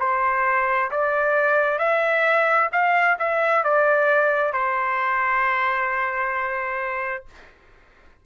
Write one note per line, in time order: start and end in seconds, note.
0.00 0.91 C5
0.91 1.79 D5
1.79 2.70 E5
2.72 3.18 F5
3.19 3.64 E5
3.64 4.53 D5
4.53 7.26 C5